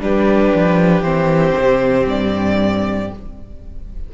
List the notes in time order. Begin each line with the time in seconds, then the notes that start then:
0.00 G3 D4 G4 B4
0.55 F3
1.02 E3 C4 C5
1.58 C3
2.07 G2 D5